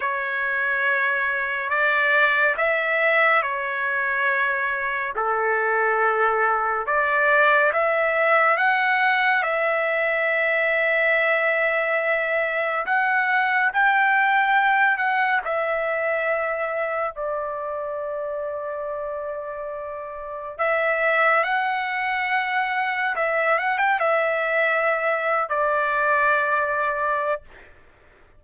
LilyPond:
\new Staff \with { instrumentName = "trumpet" } { \time 4/4 \tempo 4 = 70 cis''2 d''4 e''4 | cis''2 a'2 | d''4 e''4 fis''4 e''4~ | e''2. fis''4 |
g''4. fis''8 e''2 | d''1 | e''4 fis''2 e''8 fis''16 g''16 | e''4.~ e''16 d''2~ d''16 | }